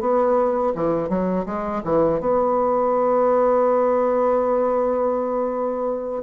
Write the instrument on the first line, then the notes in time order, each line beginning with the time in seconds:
bassoon
0.00 B3
0.75 E3
1.09 F#3
1.46 G#3
1.84 E3
2.20 B3